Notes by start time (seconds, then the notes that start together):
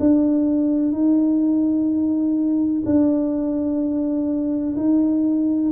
0.00 D4
0.93 D#4
2.86 D4
4.77 D#4